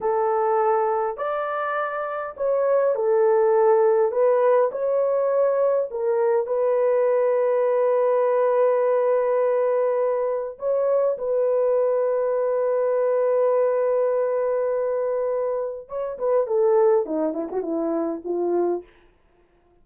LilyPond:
\new Staff \with { instrumentName = "horn" } { \time 4/4 \tempo 4 = 102 a'2 d''2 | cis''4 a'2 b'4 | cis''2 ais'4 b'4~ | b'1~ |
b'2 cis''4 b'4~ | b'1~ | b'2. cis''8 b'8 | a'4 dis'8 e'16 fis'16 e'4 f'4 | }